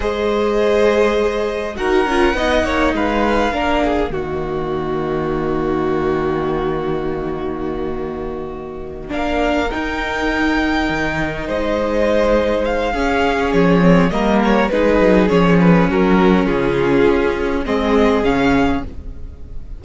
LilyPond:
<<
  \new Staff \with { instrumentName = "violin" } { \time 4/4 \tempo 4 = 102 dis''2. fis''4~ | fis''4 f''2 dis''4~ | dis''1~ | dis''2.~ dis''8 f''8~ |
f''8 g''2. dis''8~ | dis''4. f''4. cis''4 | dis''8 cis''8 b'4 cis''8 b'8 ais'4 | gis'2 dis''4 f''4 | }
  \new Staff \with { instrumentName = "violin" } { \time 4/4 c''2. ais'4 | dis''8 cis''8 b'4 ais'8 gis'8 fis'4~ | fis'1~ | fis'2.~ fis'8 ais'8~ |
ais'2.~ ais'8 c''8~ | c''2 gis'2 | ais'4 gis'2 fis'4 | f'2 gis'2 | }
  \new Staff \with { instrumentName = "viola" } { \time 4/4 gis'2. fis'8 f'8 | dis'2 d'4 ais4~ | ais1~ | ais2.~ ais8 d'8~ |
d'8 dis'2.~ dis'8~ | dis'2 cis'4. c'8 | ais4 dis'4 cis'2~ | cis'2 c'4 cis'4 | }
  \new Staff \with { instrumentName = "cello" } { \time 4/4 gis2. dis'8 cis'8 | b8 ais8 gis4 ais4 dis4~ | dis1~ | dis2.~ dis8 ais8~ |
ais8 dis'2 dis4 gis8~ | gis2 cis'4 f4 | g4 gis8 fis8 f4 fis4 | cis4 cis'4 gis4 cis4 | }
>>